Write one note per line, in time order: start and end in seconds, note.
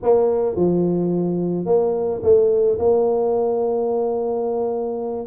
0.02 0.55 A#3
0.55 1.65 F3
1.65 2.21 A#3
2.22 2.78 A3
2.78 5.27 A#3